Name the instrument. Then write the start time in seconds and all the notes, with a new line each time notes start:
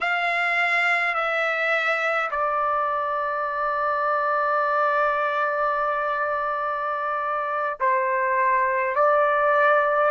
trumpet
0.01 F5
1.14 E5
2.31 D5
7.79 C5
8.95 D5